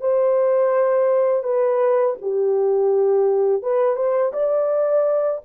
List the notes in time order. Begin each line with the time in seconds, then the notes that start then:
0.00 C5
1.43 B4
2.21 G4
3.62 B4
3.96 C5
4.32 D5